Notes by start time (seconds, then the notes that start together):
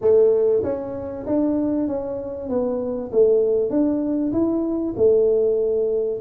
0.01 A3
0.63 C#4
1.26 D4
1.87 C#4
2.49 B3
3.12 A3
3.70 D4
4.32 E4
4.96 A3